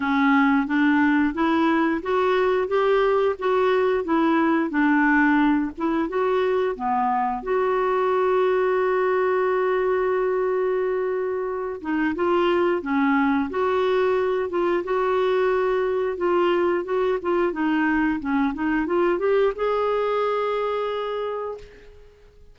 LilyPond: \new Staff \with { instrumentName = "clarinet" } { \time 4/4 \tempo 4 = 89 cis'4 d'4 e'4 fis'4 | g'4 fis'4 e'4 d'4~ | d'8 e'8 fis'4 b4 fis'4~ | fis'1~ |
fis'4. dis'8 f'4 cis'4 | fis'4. f'8 fis'2 | f'4 fis'8 f'8 dis'4 cis'8 dis'8 | f'8 g'8 gis'2. | }